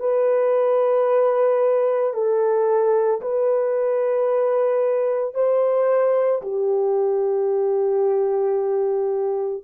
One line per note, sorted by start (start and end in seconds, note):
0.00 2.14 B4
2.14 3.21 A4
3.21 5.35 B4
5.35 6.42 C5
6.42 9.64 G4